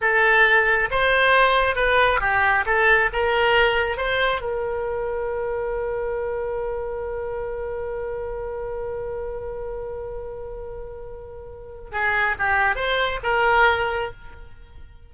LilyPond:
\new Staff \with { instrumentName = "oboe" } { \time 4/4 \tempo 4 = 136 a'2 c''2 | b'4 g'4 a'4 ais'4~ | ais'4 c''4 ais'2~ | ais'1~ |
ais'1~ | ais'1~ | ais'2. gis'4 | g'4 c''4 ais'2 | }